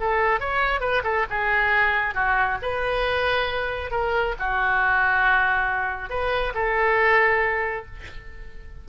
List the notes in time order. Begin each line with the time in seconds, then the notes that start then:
0.00 A4
0.40 C#5
0.81 B4
1.04 A4
1.30 G#4
2.15 F#4
2.62 B4
3.91 A#4
4.39 F#4
6.10 B4
6.55 A4